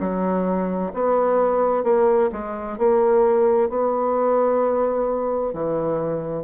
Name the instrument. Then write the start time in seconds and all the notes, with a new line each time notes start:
bassoon
0.00 F#3
0.94 B3
1.84 A#3
2.32 G#3
2.78 A#3
3.69 B3
5.53 E3